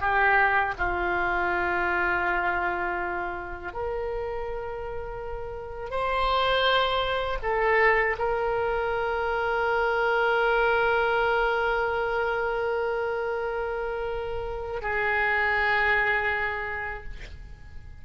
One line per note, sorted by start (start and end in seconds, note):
0.00 0.74 G4
0.78 3.73 F4
3.73 5.90 A#4
5.90 7.38 C5
7.42 8.16 A4
8.18 14.81 A#4
14.81 17.03 G#4